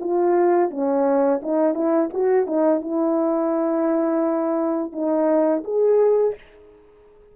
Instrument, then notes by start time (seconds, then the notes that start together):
horn
0.00 F4
0.70 C#4
1.43 D#4
1.75 E4
2.13 F#4
2.47 D#4
2.81 E4
4.93 D#4
5.64 G#4